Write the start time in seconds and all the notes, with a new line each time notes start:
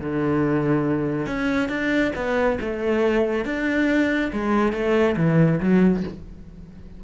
0.00 D3
1.27 C#4
1.69 D4
2.15 B3
2.61 A3
3.45 D4
4.33 G#3
4.73 A3
5.17 E3
5.60 F#3